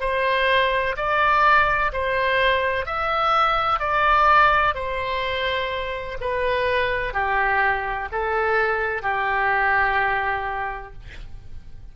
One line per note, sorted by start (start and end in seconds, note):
0.00 0.95 C5
0.97 1.92 D5
1.93 2.85 C5
2.85 3.79 E5
3.79 4.74 D5
4.74 6.17 C5
6.20 7.13 B4
7.13 8.08 G4
8.12 9.02 A4
9.02 10.93 G4